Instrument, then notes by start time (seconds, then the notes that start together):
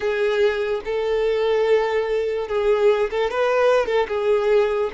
violin
0.00 G#4
0.84 A4
2.48 G#4
3.10 A4
3.30 B4
3.86 A4
4.08 G#4